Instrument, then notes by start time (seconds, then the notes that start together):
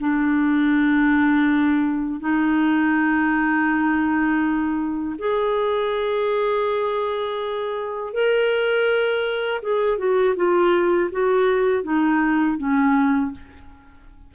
clarinet
0.00 D4
2.20 D#4
5.19 G#4
8.13 A#4
9.62 G#4
9.98 F#4
10.36 F4
11.12 F#4
11.84 D#4
12.58 C#4